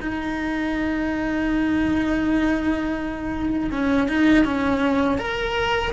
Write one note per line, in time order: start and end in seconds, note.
0.00 3.70 D#4
3.71 4.08 C#4
4.08 4.44 D#4
4.44 5.18 C#4
5.18 5.92 A#4